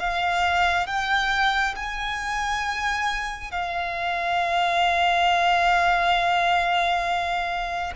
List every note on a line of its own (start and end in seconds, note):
0.00 0.87 F5
0.87 1.75 G5
1.76 3.52 G#5
3.52 7.93 F5